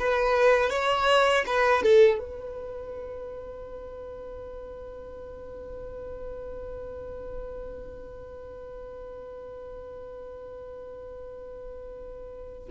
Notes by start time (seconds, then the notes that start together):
0.00 B4
0.71 C#5
1.47 B4
1.83 A4
2.19 B4